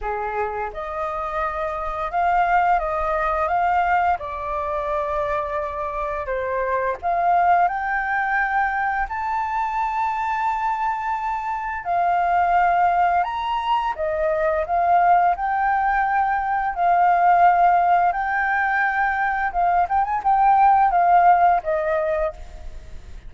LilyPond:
\new Staff \with { instrumentName = "flute" } { \time 4/4 \tempo 4 = 86 gis'4 dis''2 f''4 | dis''4 f''4 d''2~ | d''4 c''4 f''4 g''4~ | g''4 a''2.~ |
a''4 f''2 ais''4 | dis''4 f''4 g''2 | f''2 g''2 | f''8 g''16 gis''16 g''4 f''4 dis''4 | }